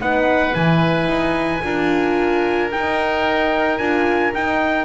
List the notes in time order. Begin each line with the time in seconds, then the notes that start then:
0.00 B3 D#4 B4 F#5
0.53 E3 E4 G#5
1.08 D#4
1.64 D4 F4 A#4
2.72 D#4 G5
3.78 D4 F4 G#5
4.34 D#4 G5